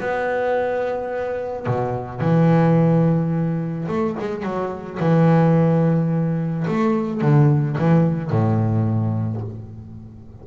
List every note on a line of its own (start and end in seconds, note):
0.00 1.66 B3
1.66 2.21 B2
2.21 3.87 E3
3.88 4.16 A3
4.19 4.43 G#3
4.43 4.98 F#3
4.99 6.66 E3
6.68 7.21 A3
7.21 7.77 D3
7.78 8.30 E3
8.30 9.41 A2